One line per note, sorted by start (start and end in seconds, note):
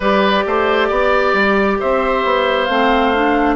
0.00 0.44 G3
0.00 2.69 G4
0.00 0.44 B4
0.00 1.80 D5
0.46 0.90 A3
0.46 0.88 C5
0.88 1.33 B3
0.88 1.77 D5
1.33 1.78 G3
1.79 2.24 C4
1.79 3.55 C5
1.79 2.65 E5
2.24 2.68 B3
2.65 3.55 A3
2.65 3.14 C4
2.65 3.54 F5
3.14 3.55 D4